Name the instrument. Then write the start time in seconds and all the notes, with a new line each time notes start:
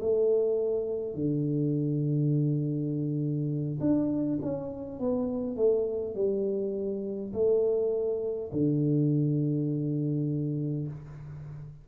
tuba
0.00 A3
1.14 D3
3.80 D4
4.42 C#4
4.99 B3
5.56 A3
6.15 G3
7.33 A3
8.52 D3